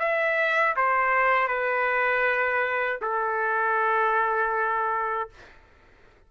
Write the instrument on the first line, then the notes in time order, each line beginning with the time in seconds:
trumpet
0.00 E5
0.77 C5
1.48 B4
3.02 A4